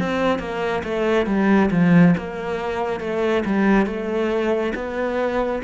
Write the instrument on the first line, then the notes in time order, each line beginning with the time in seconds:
cello
0.00 C4
0.39 A#3
0.84 A3
1.26 G3
1.71 F3
2.18 A#3
3.00 A3
3.45 G3
3.87 A3
4.75 B3